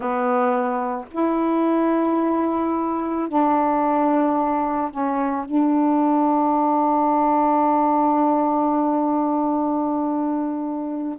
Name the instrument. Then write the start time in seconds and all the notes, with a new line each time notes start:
saxophone
0.00 B3
1.11 E4
3.28 D4
4.90 C#4
5.45 D4